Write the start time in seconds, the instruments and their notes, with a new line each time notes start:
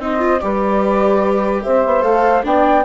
0.00 bassoon C4, viola D#4, saxophone C5, flute D#5
0.19 viola F4
0.40 bassoon G3, viola G4, saxophone B4, flute D5
1.63 bassoon C4, saxophone C5, flute E5
1.86 bassoon B3
2.02 bassoon A3, viola A4, flute F5
2.43 bassoon B3, viola D4, saxophone D5, flute G5